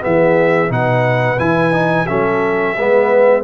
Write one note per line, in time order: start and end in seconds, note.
0.00 0.70 E3
0.00 0.68 B3
0.00 0.72 G#4
0.00 0.72 E5
0.69 1.38 B2
0.69 1.37 D#4
0.69 2.07 B4
0.69 1.39 F#5
1.39 2.07 E3
1.39 1.72 E4
1.39 2.07 G#5
1.72 2.06 D#4
2.07 2.77 F#3
2.07 2.76 C#4
2.07 2.76 A4
2.07 3.43 E5
2.77 3.43 G#3
2.77 3.43 B3
2.77 3.43 B4